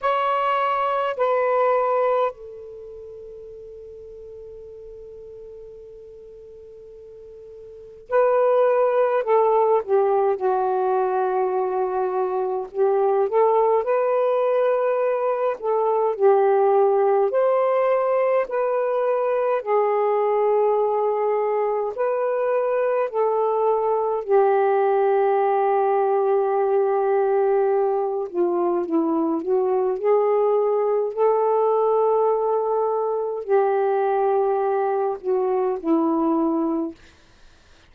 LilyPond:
\new Staff \with { instrumentName = "saxophone" } { \time 4/4 \tempo 4 = 52 cis''4 b'4 a'2~ | a'2. b'4 | a'8 g'8 fis'2 g'8 a'8 | b'4. a'8 g'4 c''4 |
b'4 gis'2 b'4 | a'4 g'2.~ | g'8 f'8 e'8 fis'8 gis'4 a'4~ | a'4 g'4. fis'8 e'4 | }